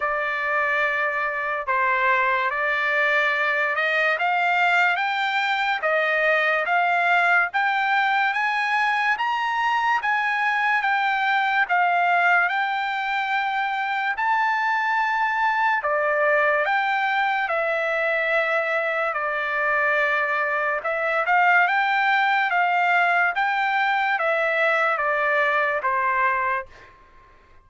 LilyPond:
\new Staff \with { instrumentName = "trumpet" } { \time 4/4 \tempo 4 = 72 d''2 c''4 d''4~ | d''8 dis''8 f''4 g''4 dis''4 | f''4 g''4 gis''4 ais''4 | gis''4 g''4 f''4 g''4~ |
g''4 a''2 d''4 | g''4 e''2 d''4~ | d''4 e''8 f''8 g''4 f''4 | g''4 e''4 d''4 c''4 | }